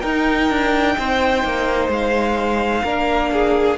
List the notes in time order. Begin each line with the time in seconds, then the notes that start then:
0.00 D#4 A#4 G5
0.49 D4
0.98 C4 C5
1.44 A#3
1.88 G#3 F5
2.83 A#3 D4 A#4
3.32 G#4